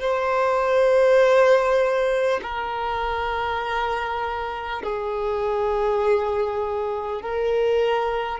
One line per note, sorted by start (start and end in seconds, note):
0.00 2.40 C5
2.42 4.82 A#4
4.83 7.21 G#4
7.21 8.39 A#4